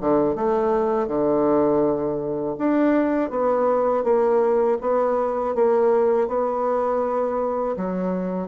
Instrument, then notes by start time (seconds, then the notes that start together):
bassoon
0.00 D3
0.35 A3
1.07 D3
2.58 D4
3.30 B3
4.03 A#3
4.80 B3
5.55 A#3
6.27 B3
7.76 F#3